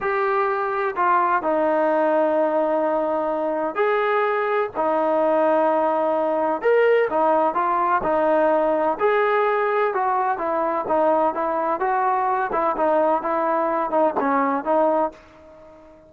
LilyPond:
\new Staff \with { instrumentName = "trombone" } { \time 4/4 \tempo 4 = 127 g'2 f'4 dis'4~ | dis'1 | gis'2 dis'2~ | dis'2 ais'4 dis'4 |
f'4 dis'2 gis'4~ | gis'4 fis'4 e'4 dis'4 | e'4 fis'4. e'8 dis'4 | e'4. dis'8 cis'4 dis'4 | }